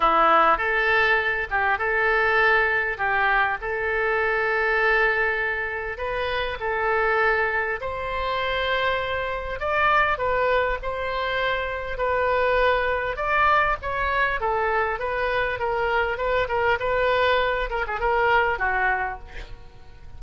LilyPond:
\new Staff \with { instrumentName = "oboe" } { \time 4/4 \tempo 4 = 100 e'4 a'4. g'8 a'4~ | a'4 g'4 a'2~ | a'2 b'4 a'4~ | a'4 c''2. |
d''4 b'4 c''2 | b'2 d''4 cis''4 | a'4 b'4 ais'4 b'8 ais'8 | b'4. ais'16 gis'16 ais'4 fis'4 | }